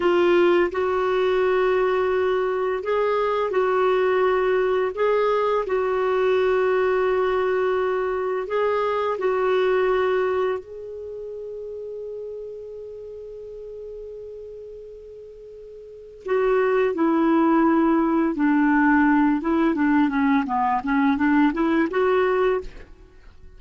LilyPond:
\new Staff \with { instrumentName = "clarinet" } { \time 4/4 \tempo 4 = 85 f'4 fis'2. | gis'4 fis'2 gis'4 | fis'1 | gis'4 fis'2 gis'4~ |
gis'1~ | gis'2. fis'4 | e'2 d'4. e'8 | d'8 cis'8 b8 cis'8 d'8 e'8 fis'4 | }